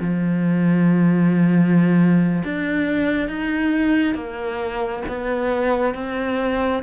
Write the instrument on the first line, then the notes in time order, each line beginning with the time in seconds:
cello
0.00 F3
2.44 D4
3.28 D#4
4.14 A#3
5.08 B3
5.94 C4